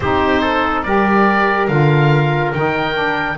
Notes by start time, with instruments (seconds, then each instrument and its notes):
0.00 double bass C4, saxophone D#4, trumpet G4, oboe C5
0.41 trumpet A4
0.83 double bass G3, saxophone G4, trumpet A#4, oboe D5
1.67 double bass D3, saxophone F4, oboe F5
2.53 double bass D#3, saxophone D#4, oboe G5
2.93 saxophone D4